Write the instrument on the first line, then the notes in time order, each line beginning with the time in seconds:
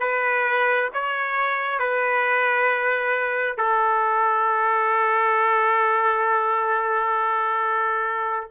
trumpet
0.00 B4
0.94 C#5
1.80 B4
3.58 A4